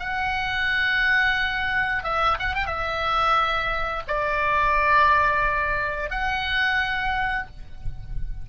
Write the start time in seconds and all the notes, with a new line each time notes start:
0.00 F#5
2.04 E5
2.40 F#5
2.55 G5
2.67 E5
4.08 D5
6.11 F#5